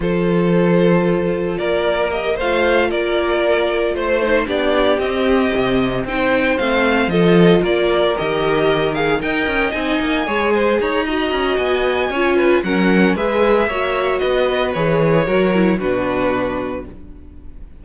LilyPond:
<<
  \new Staff \with { instrumentName = "violin" } { \time 4/4 \tempo 4 = 114 c''2. d''4 | dis''8 f''4 d''2 c''8~ | c''8 d''4 dis''2 g''8~ | g''8 f''4 dis''4 d''4 dis''8~ |
dis''4 f''8 g''4 gis''4.~ | gis''8 ais''4. gis''2 | fis''4 e''2 dis''4 | cis''2 b'2 | }
  \new Staff \with { instrumentName = "violin" } { \time 4/4 a'2. ais'4~ | ais'8 c''4 ais'2 c''8~ | c''8 g'2. c''8~ | c''4. a'4 ais'4.~ |
ais'4. dis''2 cis''8 | c''8 cis''8 dis''2 cis''8 b'8 | ais'4 b'4 cis''4 b'4~ | b'4 ais'4 fis'2 | }
  \new Staff \with { instrumentName = "viola" } { \time 4/4 f'1 | g'8 f'2.~ f'8 | dis'8 d'4 c'2 dis'8~ | dis'8 c'4 f'2 g'8~ |
g'4 gis'8 ais'4 dis'4 gis'8~ | gis'4 fis'2 f'4 | cis'4 gis'4 fis'2 | gis'4 fis'8 e'8 d'2 | }
  \new Staff \with { instrumentName = "cello" } { \time 4/4 f2. ais4~ | ais8 a4 ais2 a8~ | a8 b4 c'4 c4 c'8~ | c'8 a4 f4 ais4 dis8~ |
dis4. dis'8 cis'8 c'8 ais8 gis8~ | gis8 dis'4 cis'8 b4 cis'4 | fis4 gis4 ais4 b4 | e4 fis4 b,2 | }
>>